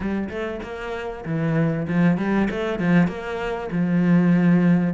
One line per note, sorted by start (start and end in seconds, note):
0.00 0.28 G3
0.29 0.60 A3
0.62 1.24 A#3
1.25 1.86 E3
1.87 2.17 F3
2.17 2.48 G3
2.50 2.79 A3
2.79 3.07 F3
3.07 3.69 A#3
3.71 4.93 F3